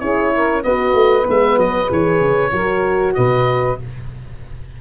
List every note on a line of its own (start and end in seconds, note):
0.00 0.65 C#4
0.00 0.63 E4
0.00 0.34 G#4
0.00 0.63 C#5
0.36 0.64 A#4
0.64 0.94 B3
0.64 1.24 F#4
0.64 2.52 B4
0.64 1.27 D#5
0.94 1.26 A3
1.24 1.58 G#3
1.24 1.87 B3
1.31 1.60 E5
1.58 1.89 F#3
1.58 1.91 D#5
1.88 2.21 E3
1.88 2.51 G#4
1.88 3.15 C#5
2.21 2.52 C#3
2.52 3.16 F#3
2.52 3.79 F#4
2.52 3.15 A#4
3.15 3.81 B2
3.15 3.79 B4
3.15 3.78 D#5